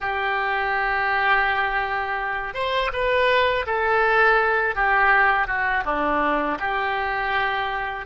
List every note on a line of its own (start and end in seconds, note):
0.00 2.54 G4
2.54 2.90 C5
2.92 3.66 B4
3.66 4.75 A4
4.75 5.47 G4
5.47 5.83 F#4
5.85 6.58 D4
6.59 8.06 G4